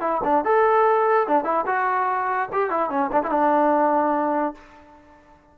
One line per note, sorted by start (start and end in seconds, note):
0.00 0.21 E4
0.24 0.44 D4
0.44 1.27 A4
1.27 1.44 D4
1.44 1.65 E4
1.66 2.49 F#4
2.52 2.70 G4
2.70 2.89 E4
2.89 3.10 C#4
3.12 3.22 D4
3.23 3.30 E4
3.30 4.54 D4